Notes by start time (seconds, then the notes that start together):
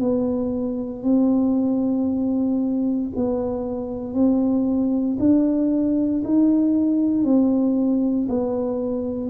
0.00 B3
1.03 C4
3.16 B3
4.14 C4
5.20 D4
6.24 D#4
7.25 C4
8.29 B3